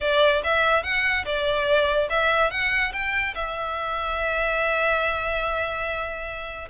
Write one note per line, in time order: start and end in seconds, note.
0.01 0.42 D5
0.43 0.83 E5
0.83 1.25 F#5
1.25 2.08 D5
2.09 2.50 E5
2.50 2.92 F#5
2.92 3.34 G5
3.34 6.68 E5